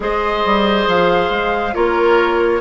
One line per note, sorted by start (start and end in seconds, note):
0.00 0.43 G#3
0.00 1.73 G#4
0.00 1.74 C5
0.00 0.89 D#5
0.45 0.87 G3
0.87 1.30 F3
0.87 1.74 F5
1.30 1.73 G#3
1.73 2.61 A#3
1.73 2.60 F4
1.73 2.61 A#4
1.73 2.61 C#5